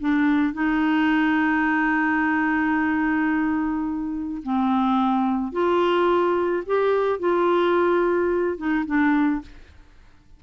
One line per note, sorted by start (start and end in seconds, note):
0.00 0.53 D4
0.53 4.42 D#4
4.43 5.52 C4
5.52 6.63 F4
6.66 7.19 G4
7.19 8.57 F4
8.57 8.85 D#4
8.86 9.41 D4